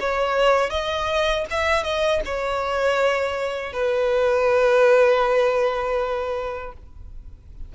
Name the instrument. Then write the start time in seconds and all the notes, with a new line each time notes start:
violin
0.00 C#5
0.70 D#5
1.50 E5
1.83 D#5
2.25 C#5
3.73 B4